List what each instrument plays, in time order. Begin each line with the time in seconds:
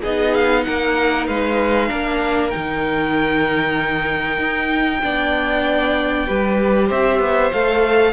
0.00 cello B3, viola D#4, violin G#4 D#5
0.35 violin F5
0.63 cello A#3, violin A#4 F#5
1.27 cello G#3, violin B4 F5
1.88 cello A#3, viola D4, violin A#4
2.50 viola D#4, violin G5
2.56 cello D#3
4.38 cello D#4
5.03 cello B3, viola D4, violin D5
6.27 cello G3, viola G4, violin B4
6.87 cello C4, violin C5 E5
7.20 cello B3
7.52 cello A3, viola A4, violin F5